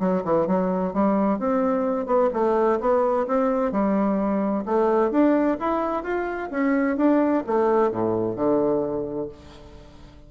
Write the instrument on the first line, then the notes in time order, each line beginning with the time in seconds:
bassoon
0.00 F#3
0.25 E3
0.48 F#3
0.94 G3
1.40 C4
2.07 B3
2.34 A3
2.81 B3
3.27 C4
3.72 G3
4.66 A3
5.12 D4
5.60 E4
6.04 F4
6.51 C#4
6.97 D4
7.47 A3
7.92 A2
8.36 D3